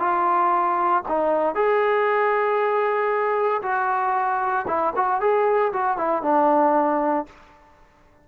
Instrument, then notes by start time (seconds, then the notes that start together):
trombone
0.00 F4
1.09 D#4
1.55 G#4
3.63 F#4
4.68 E4
4.96 F#4
5.21 G#4
5.73 F#4
5.98 E4
6.23 D4